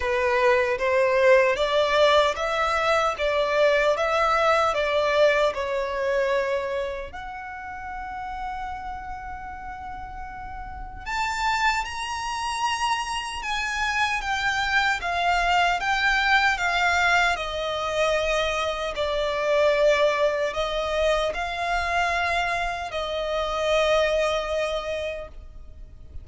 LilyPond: \new Staff \with { instrumentName = "violin" } { \time 4/4 \tempo 4 = 76 b'4 c''4 d''4 e''4 | d''4 e''4 d''4 cis''4~ | cis''4 fis''2.~ | fis''2 a''4 ais''4~ |
ais''4 gis''4 g''4 f''4 | g''4 f''4 dis''2 | d''2 dis''4 f''4~ | f''4 dis''2. | }